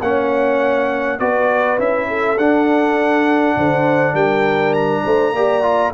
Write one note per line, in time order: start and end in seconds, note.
0.00 1.19 A#3
0.00 1.19 C#4
0.00 1.19 C#5
0.00 1.19 F#5
1.19 1.78 B3
1.19 1.78 F#4
1.19 2.08 B4
1.19 1.78 D5
1.78 2.37 C#4
1.78 2.37 E4
1.78 2.37 E5
2.08 3.56 A4
2.37 3.56 D4
2.37 5.35 D4
2.37 4.15 F#5
3.56 4.13 D3
3.56 4.13 C5
4.13 5.02 G3
4.13 5.02 A#4
4.13 4.73 G5
4.73 5.92 A#5
5.03 5.32 A3
5.03 5.33 C5
5.32 5.91 A#3
5.32 5.62 G4
5.32 5.93 D5
5.62 5.92 F4